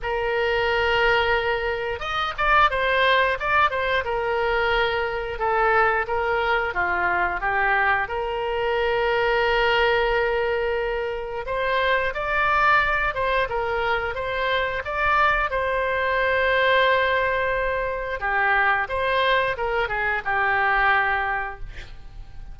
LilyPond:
\new Staff \with { instrumentName = "oboe" } { \time 4/4 \tempo 4 = 89 ais'2. dis''8 d''8 | c''4 d''8 c''8 ais'2 | a'4 ais'4 f'4 g'4 | ais'1~ |
ais'4 c''4 d''4. c''8 | ais'4 c''4 d''4 c''4~ | c''2. g'4 | c''4 ais'8 gis'8 g'2 | }